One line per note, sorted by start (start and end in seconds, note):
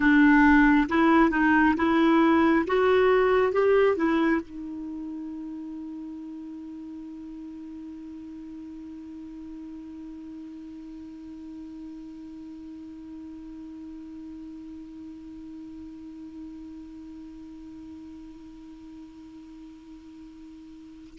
0.00 0.87 D4
0.88 1.30 E4
1.30 1.74 D#4
1.76 2.65 E4
2.67 3.52 F#4
3.52 3.96 G4
3.96 4.40 E4
4.42 21.18 D#4